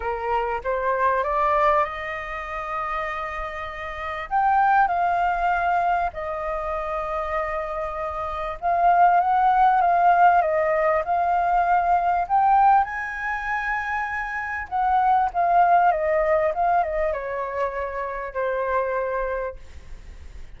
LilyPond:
\new Staff \with { instrumentName = "flute" } { \time 4/4 \tempo 4 = 98 ais'4 c''4 d''4 dis''4~ | dis''2. g''4 | f''2 dis''2~ | dis''2 f''4 fis''4 |
f''4 dis''4 f''2 | g''4 gis''2. | fis''4 f''4 dis''4 f''8 dis''8 | cis''2 c''2 | }